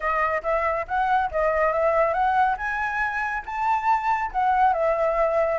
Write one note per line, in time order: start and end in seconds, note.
0.00 0.42 D#5
0.43 0.86 E5
0.87 1.30 F#5
1.31 1.72 D#5
1.72 2.13 E5
2.13 2.56 F#5
2.57 3.43 G#5
3.45 4.31 A5
4.31 4.73 F#5
4.73 5.58 E5